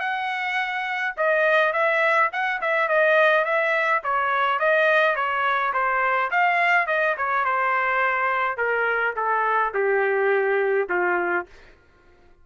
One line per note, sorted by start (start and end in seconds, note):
0.00 1.14 F#5
1.17 1.73 D#5
1.73 2.30 E5
2.32 2.61 F#5
2.61 2.88 E5
2.88 3.45 D#5
3.45 4.02 E5
4.04 4.59 C#5
4.59 5.16 D#5
5.16 5.73 C#5
5.73 6.30 C5
6.31 6.87 F5
6.87 7.15 D#5
7.17 7.45 C#5
7.45 8.57 C5
8.57 9.14 A#4
9.16 9.73 A4
9.74 10.88 G4
10.89 11.46 F4